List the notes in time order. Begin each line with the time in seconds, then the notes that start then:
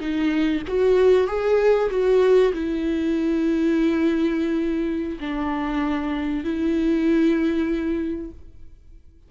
0.00 D#4
0.68 F#4
1.27 G#4
1.90 F#4
2.53 E4
5.20 D4
6.44 E4